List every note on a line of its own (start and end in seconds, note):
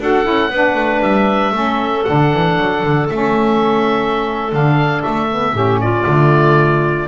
0.00 0.26 D4
0.00 0.23 F#4
0.00 0.50 A4
0.00 1.02 F#5
0.23 0.49 C#4
0.23 0.49 E4
0.49 0.75 B3
0.49 1.53 D4
0.49 1.54 B4
0.75 1.01 A3
1.02 1.51 G3
1.02 2.04 E5
1.51 2.03 A3
1.51 2.05 C#4
1.51 5.54 A4
2.04 2.33 D3
2.04 3.09 D4
2.04 3.07 F#5
2.33 2.58 E3
2.58 2.83 F#3
2.83 3.08 D3
3.09 4.52 A3
3.09 4.50 C#4
3.09 4.52 E5
4.50 5.04 D3
4.50 5.27 D4
4.50 5.02 F5
5.02 5.53 A3
5.02 5.80 E5
5.31 5.53 B3
5.53 6.05 A2
5.53 6.04 C#4
5.53 5.80 G4
5.80 7.08 F4
5.80 7.08 D5
6.04 7.08 D3
6.04 7.07 A3